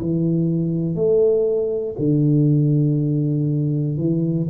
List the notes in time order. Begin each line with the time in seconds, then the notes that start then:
0.00 E3
0.95 A3
1.98 D3
3.97 E3